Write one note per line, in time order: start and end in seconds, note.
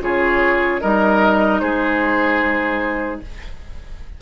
0.00 0.80 C#3
0.00 0.81 F4
0.00 0.81 G#4
0.00 0.81 C#5
0.81 1.61 G3
0.81 3.21 D#4
0.81 1.61 A#4
0.81 1.59 D#5
1.59 3.21 G#3
1.59 3.21 G#4
1.59 3.19 C5